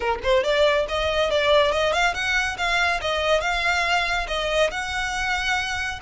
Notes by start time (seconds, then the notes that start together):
0.00 A#4
0.23 C5
0.43 D5
0.88 D#5
1.30 D5
1.71 D#5
1.93 F5
2.14 F#5
2.57 F5
3.01 D#5
3.41 F5
4.27 D#5
4.70 F#5